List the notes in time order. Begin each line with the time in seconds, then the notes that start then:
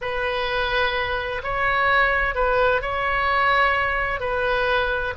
0.01 B4
1.43 C#5
2.34 B4
2.81 C#5
4.20 B4